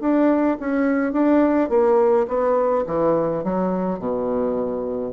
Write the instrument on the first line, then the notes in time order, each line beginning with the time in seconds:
bassoon
0.00 D4
0.59 C#4
1.12 D4
1.69 A#3
2.28 B3
2.86 E3
3.44 F#3
3.99 B2